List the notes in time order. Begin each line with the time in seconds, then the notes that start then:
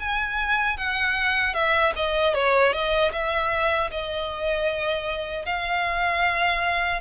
0.00 G#5
0.78 F#5
1.54 E5
1.96 D#5
2.34 C#5
2.73 D#5
3.13 E5
3.91 D#5
5.46 F5